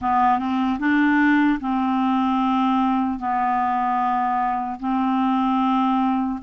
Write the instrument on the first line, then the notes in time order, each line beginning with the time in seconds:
clarinet
0.01 B3
0.39 C4
0.79 D4
1.60 C4
3.19 B3
4.79 C4